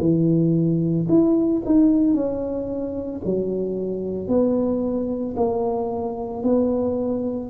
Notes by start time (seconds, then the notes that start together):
0.00 E3
1.09 E4
1.66 D#4
2.14 C#4
3.25 F#3
4.28 B3
5.37 A#3
6.43 B3